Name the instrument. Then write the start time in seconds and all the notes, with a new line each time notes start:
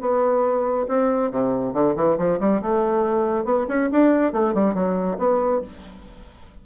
bassoon
0.00 B3
0.88 C4
1.31 C3
1.73 D3
1.96 E3
2.17 F3
2.40 G3
2.61 A3
3.44 B3
3.68 C#4
3.92 D4
4.32 A3
4.54 G3
4.74 F#3
5.18 B3